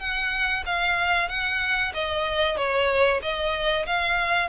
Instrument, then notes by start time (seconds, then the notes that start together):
violin
0.00 F#5
0.66 F5
1.29 F#5
1.94 D#5
2.57 C#5
3.22 D#5
3.86 F5